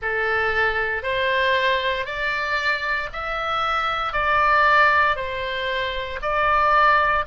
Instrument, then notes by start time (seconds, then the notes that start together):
oboe
0.02 A4
1.03 C5
2.05 D5
3.13 E5
4.12 D5
5.16 C5
6.22 D5